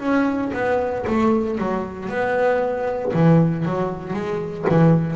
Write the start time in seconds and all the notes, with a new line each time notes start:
0.00 C#4
0.54 B3
1.08 A3
1.59 F#3
2.09 B3
3.14 E3
3.66 F#3
4.14 G#3
4.70 E3